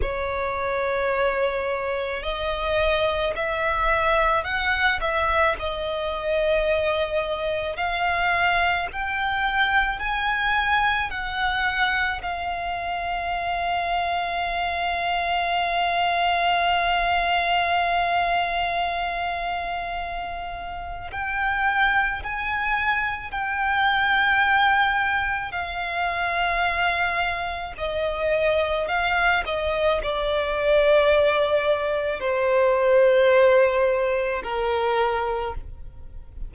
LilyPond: \new Staff \with { instrumentName = "violin" } { \time 4/4 \tempo 4 = 54 cis''2 dis''4 e''4 | fis''8 e''8 dis''2 f''4 | g''4 gis''4 fis''4 f''4~ | f''1~ |
f''2. g''4 | gis''4 g''2 f''4~ | f''4 dis''4 f''8 dis''8 d''4~ | d''4 c''2 ais'4 | }